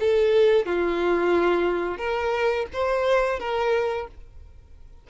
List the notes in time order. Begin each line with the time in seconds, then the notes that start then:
0.00 A4
0.66 F4
1.98 A#4
2.73 C5
3.40 A#4